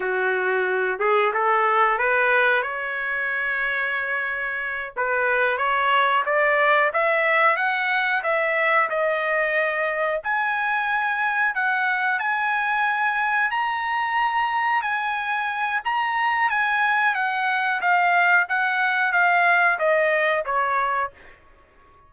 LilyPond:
\new Staff \with { instrumentName = "trumpet" } { \time 4/4 \tempo 4 = 91 fis'4. gis'8 a'4 b'4 | cis''2.~ cis''8 b'8~ | b'8 cis''4 d''4 e''4 fis''8~ | fis''8 e''4 dis''2 gis''8~ |
gis''4. fis''4 gis''4.~ | gis''8 ais''2 gis''4. | ais''4 gis''4 fis''4 f''4 | fis''4 f''4 dis''4 cis''4 | }